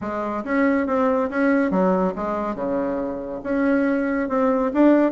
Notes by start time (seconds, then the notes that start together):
0.01 G#3
0.44 C#4
0.86 C4
1.30 C#4
1.70 F#3
2.15 G#3
2.55 C#3
3.43 C#4
4.29 C4
4.73 D4